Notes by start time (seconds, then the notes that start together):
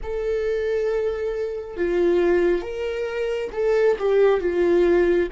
0.02 A4
1.76 F4
2.61 A#4
3.52 A4
3.98 G4
4.40 F4